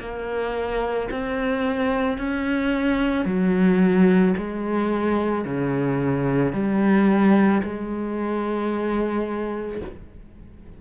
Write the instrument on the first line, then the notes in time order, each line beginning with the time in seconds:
cello
0.00 A#3
1.11 C4
2.18 C#4
3.25 F#3
4.37 G#3
5.45 C#3
6.53 G3
7.63 G#3